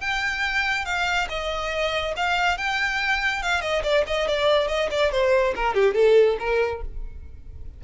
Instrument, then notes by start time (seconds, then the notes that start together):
violin
0.00 G5
0.85 F5
1.29 D#5
2.16 F5
2.57 G5
3.42 F5
3.61 D#5
3.83 D5
4.07 D#5
4.27 D5
4.68 D#5
4.91 D5
5.11 C5
5.55 A#4
5.74 G4
5.94 A4
6.39 A#4